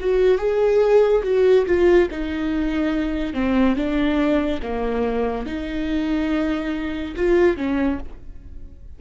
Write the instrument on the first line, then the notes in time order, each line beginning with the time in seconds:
viola
0.00 F#4
0.38 G#4
1.23 F#4
1.66 F4
2.11 D#4
3.33 C4
3.76 D4
4.62 A#3
5.46 D#4
7.16 F4
7.57 C#4